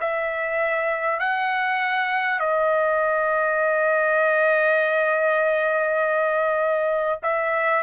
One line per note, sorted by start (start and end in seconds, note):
0.00 1.19 E5
1.19 2.39 F#5
2.39 7.19 D#5
7.22 7.82 E5